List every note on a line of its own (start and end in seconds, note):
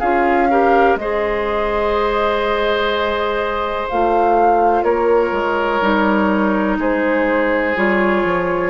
0.00 0.96 C#4
0.00 0.50 F4
0.00 0.48 G#4
0.00 0.97 F5
0.50 0.99 G4
0.50 0.99 A#4
0.96 3.86 G#3
0.96 3.91 G#4
0.96 4.84 C5
0.96 3.88 D#5
3.89 4.84 A3
3.89 5.82 F4
3.89 4.84 F5
4.84 5.32 A#3
4.84 6.78 A#4
4.84 6.78 C#5
5.32 5.80 G#3
5.82 6.78 G3
5.82 7.76 D#4
6.78 7.75 G#3
6.78 8.71 G#4
6.78 7.77 C5
7.76 8.25 G3
7.76 8.71 F4
7.76 8.71 C#5
8.25 8.71 F3